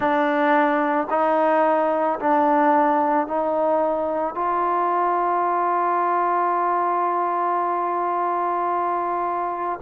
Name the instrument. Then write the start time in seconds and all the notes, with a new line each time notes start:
trombone
0.00 D4
1.10 D#4
2.19 D4
3.27 D#4
4.34 F4